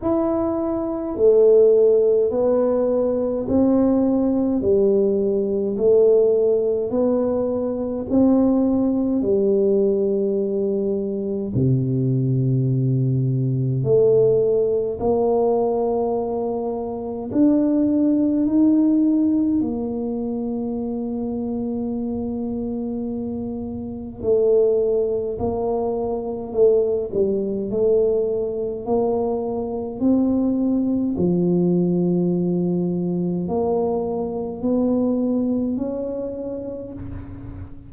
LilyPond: \new Staff \with { instrumentName = "tuba" } { \time 4/4 \tempo 4 = 52 e'4 a4 b4 c'4 | g4 a4 b4 c'4 | g2 c2 | a4 ais2 d'4 |
dis'4 ais2.~ | ais4 a4 ais4 a8 g8 | a4 ais4 c'4 f4~ | f4 ais4 b4 cis'4 | }